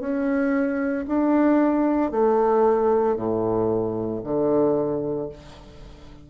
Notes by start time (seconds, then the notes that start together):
0.00 C#4
1.08 D4
2.11 A3
3.16 A2
4.24 D3